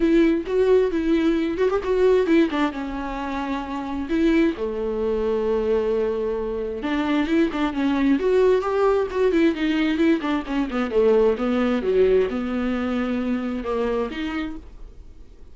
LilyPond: \new Staff \with { instrumentName = "viola" } { \time 4/4 \tempo 4 = 132 e'4 fis'4 e'4. fis'16 g'16 | fis'4 e'8 d'8 cis'2~ | cis'4 e'4 a2~ | a2. d'4 |
e'8 d'8 cis'4 fis'4 g'4 | fis'8 e'8 dis'4 e'8 d'8 cis'8 b8 | a4 b4 fis4 b4~ | b2 ais4 dis'4 | }